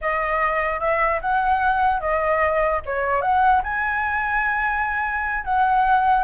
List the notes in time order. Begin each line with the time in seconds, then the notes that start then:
0.01 D#5
0.79 E5
1.21 F#5
2.00 D#5
2.85 C#5
3.21 F#5
3.63 G#5
5.44 F#5